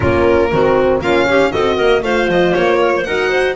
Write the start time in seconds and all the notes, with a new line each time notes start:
0.00 A#3 C#4 F4 A#4
0.52 D#3 C4 F#4
1.00 A#3 C#4 F4 F5
1.26 C#4 G4
1.51 C4 F#4 A4 D#5
1.76 A#3 A#4
2.02 A3 F4 C5 F5
2.28 F3 D#5
2.53 A#3 C#5
2.79 A#4
2.96 C5
3.03 D#4 F#4 A#4 F#5
3.29 C5